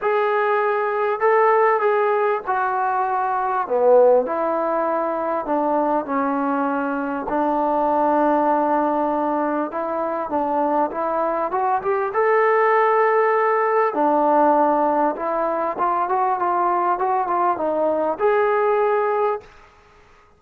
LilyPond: \new Staff \with { instrumentName = "trombone" } { \time 4/4 \tempo 4 = 99 gis'2 a'4 gis'4 | fis'2 b4 e'4~ | e'4 d'4 cis'2 | d'1 |
e'4 d'4 e'4 fis'8 g'8 | a'2. d'4~ | d'4 e'4 f'8 fis'8 f'4 | fis'8 f'8 dis'4 gis'2 | }